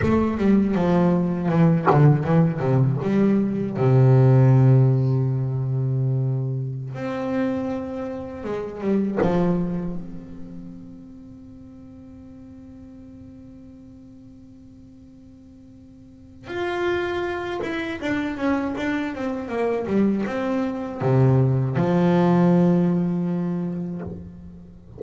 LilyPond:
\new Staff \with { instrumentName = "double bass" } { \time 4/4 \tempo 4 = 80 a8 g8 f4 e8 d8 e8 c8 | g4 c2.~ | c4~ c16 c'2 gis8 g16~ | g16 f4 c'2~ c'8.~ |
c'1~ | c'2 f'4. e'8 | d'8 cis'8 d'8 c'8 ais8 g8 c'4 | c4 f2. | }